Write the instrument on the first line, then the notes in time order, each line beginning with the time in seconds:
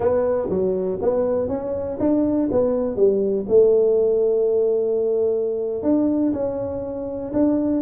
tuba
0.00 B3
0.49 F#3
1.01 B3
1.48 C#4
1.99 D4
2.51 B3
2.96 G3
3.48 A3
5.82 D4
6.32 C#4
7.33 D4